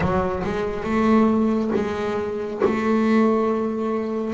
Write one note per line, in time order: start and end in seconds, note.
0.00 0.42 F#3
0.43 0.83 G#3
0.83 1.70 A3
1.75 2.62 G#3
2.64 4.33 A3